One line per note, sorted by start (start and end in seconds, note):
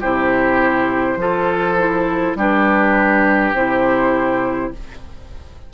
0.00 1.16 C3
0.00 1.18 E4
0.00 1.18 G4
0.00 2.37 C5
1.16 2.34 F3
1.16 1.77 F4
1.16 2.37 A4
1.78 2.37 E4
2.35 3.52 G3
2.35 3.55 D4
2.35 4.73 G4
2.35 3.54 B4
3.53 4.71 C3
3.53 4.73 E4
3.53 4.72 C5